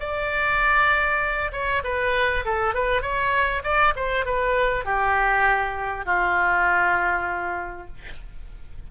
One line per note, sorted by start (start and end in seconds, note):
0.00 1.52 D5
1.52 1.83 C#5
1.84 2.45 B4
2.45 2.74 A4
2.74 3.02 B4
3.02 3.63 C#5
3.64 3.94 D5
3.96 4.25 C5
4.25 4.85 B4
4.85 6.06 G4
6.06 7.88 F4